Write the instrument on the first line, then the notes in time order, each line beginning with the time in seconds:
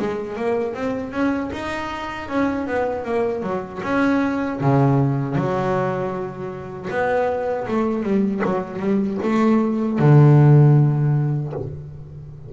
double bass
0.00 G#3
0.36 A#3
0.74 C4
1.12 C#4
1.53 D#4
2.29 C#4
2.67 B3
3.05 A#3
3.43 F#3
3.84 C#4
4.61 C#3
5.36 F#3
6.91 B3
7.68 A3
8.03 G3
8.45 F#3
8.80 G3
9.23 A3
10.00 D3